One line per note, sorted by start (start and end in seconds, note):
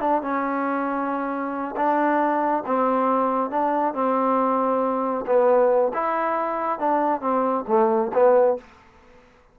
0.00 0.22 D4
0.22 1.75 C#4
1.76 2.63 D4
2.66 3.50 C4
3.50 3.93 D4
3.93 5.25 C4
5.26 5.92 B3
5.93 6.79 E4
6.79 7.20 D4
7.20 7.64 C4
7.67 8.11 A3
8.13 8.57 B3